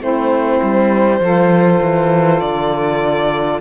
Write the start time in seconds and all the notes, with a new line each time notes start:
0.00 A3 C4 E4 C5
0.63 G3
1.20 F3 F4 A4
1.82 E3
2.40 D3 D5